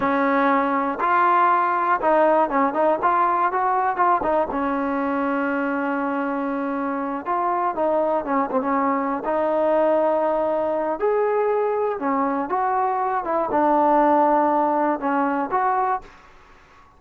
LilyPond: \new Staff \with { instrumentName = "trombone" } { \time 4/4 \tempo 4 = 120 cis'2 f'2 | dis'4 cis'8 dis'8 f'4 fis'4 | f'8 dis'8 cis'2.~ | cis'2~ cis'8 f'4 dis'8~ |
dis'8 cis'8 c'16 cis'4~ cis'16 dis'4.~ | dis'2 gis'2 | cis'4 fis'4. e'8 d'4~ | d'2 cis'4 fis'4 | }